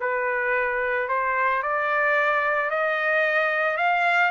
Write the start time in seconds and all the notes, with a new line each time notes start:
0.00 B4
1.08 C5
1.63 D5
2.70 D#5
3.77 F5